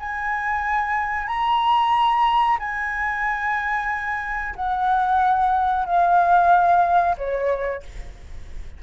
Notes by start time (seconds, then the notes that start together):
0.00 G#5
1.27 A#5
2.60 G#5
4.56 F#5
5.86 F5
7.18 C#5